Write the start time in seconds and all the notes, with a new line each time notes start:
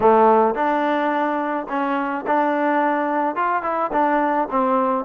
0.00 A3
0.55 D4
1.69 C#4
2.26 D4
3.35 F4
3.62 E4
3.92 D4
4.51 C4